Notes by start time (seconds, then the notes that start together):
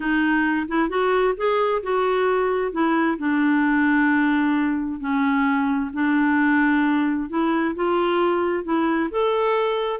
0.00 D#4
0.68 E4
0.89 F#4
1.36 G#4
1.83 F#4
2.72 E4
3.18 D4
5.00 C#4
5.93 D4
7.29 E4
7.75 F4
8.64 E4
9.10 A4